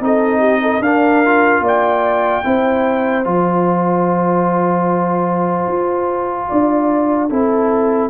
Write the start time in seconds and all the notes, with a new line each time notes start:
0.00 C4 D#4 A4 D#5
0.39 G4
0.61 A4
0.79 D4 A#4 F5
1.25 F4
1.60 A#3 D5
1.67 G5
2.43 C4 E4 C5
3.23 F3 F4 A5
5.67 F4
6.48 D4 D5
7.29 C4 E4 A4